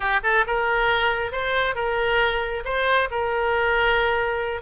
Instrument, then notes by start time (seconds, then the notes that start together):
oboe
0.00 G4
0.23 A4
0.46 A#4
1.31 C5
1.75 A#4
2.65 C5
3.10 A#4